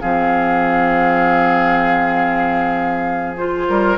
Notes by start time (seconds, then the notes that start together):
0.00 F3 C4 G#4 F5
3.37 F4 C5
3.69 G3 A#4